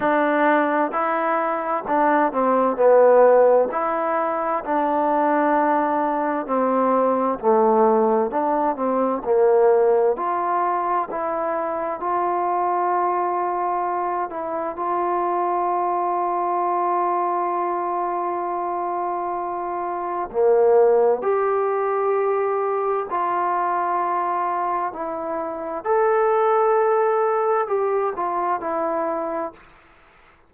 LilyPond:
\new Staff \with { instrumentName = "trombone" } { \time 4/4 \tempo 4 = 65 d'4 e'4 d'8 c'8 b4 | e'4 d'2 c'4 | a4 d'8 c'8 ais4 f'4 | e'4 f'2~ f'8 e'8 |
f'1~ | f'2 ais4 g'4~ | g'4 f'2 e'4 | a'2 g'8 f'8 e'4 | }